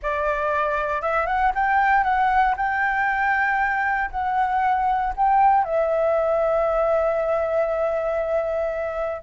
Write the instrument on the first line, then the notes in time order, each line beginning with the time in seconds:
flute
0.02 D5
1.01 E5
1.26 F#5
1.55 G5
2.03 F#5
2.56 G5
4.10 F#5
5.16 G5
5.64 E5